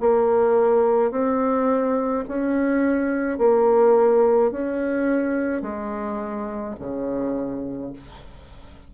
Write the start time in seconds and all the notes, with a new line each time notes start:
0.00 A#3
1.11 C4
2.28 C#4
3.38 A#3
4.51 C#4
5.62 G#3
6.79 C#3